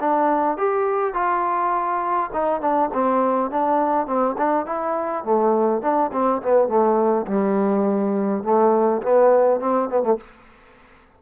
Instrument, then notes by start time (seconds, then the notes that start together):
trombone
0.00 D4
0.57 G4
1.14 F4
2.33 D#4
2.61 D4
2.93 C4
3.51 D4
4.06 C4
4.38 D4
4.66 E4
5.24 A3
5.82 D4
6.12 C4
6.42 B3
6.68 A3
7.27 G3
8.43 A3
9.02 B3
9.60 C4
9.89 B3
10.02 A3